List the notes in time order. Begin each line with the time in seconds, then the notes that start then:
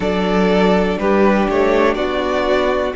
0.00 F#3 D4 A4 D5
0.98 G3 G4 B4
1.49 A3 C#5
1.94 B3 F#4 D5